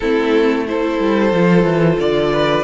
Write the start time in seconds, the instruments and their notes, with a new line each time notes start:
0.00 cello A3, viola C4, violin E4 A4
0.66 viola E4, violin A4 C5
0.99 cello G3
1.32 cello F3, viola F4
1.63 cello E3
1.99 cello D3, violin D5
2.32 violin B4